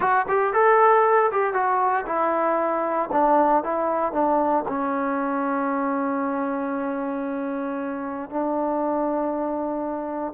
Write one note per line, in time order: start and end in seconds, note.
0.00 0.26 F#4
0.28 0.53 G4
0.53 1.30 A4
1.31 1.53 G4
1.53 2.05 F#4
2.06 3.09 E4
3.12 3.63 D4
3.63 4.12 E4
4.12 4.64 D4
4.67 8.29 C#4
8.29 10.33 D4